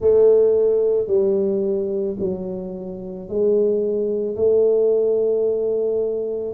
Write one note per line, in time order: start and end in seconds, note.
0.00 1.07 A3
1.07 2.16 G3
2.19 3.28 F#3
3.28 4.35 G#3
4.35 6.54 A3